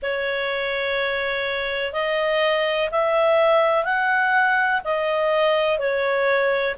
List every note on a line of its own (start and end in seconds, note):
0.02 1.93 C#5
1.93 2.89 D#5
2.91 3.84 E5
3.84 4.81 F#5
4.84 5.78 D#5
5.78 6.75 C#5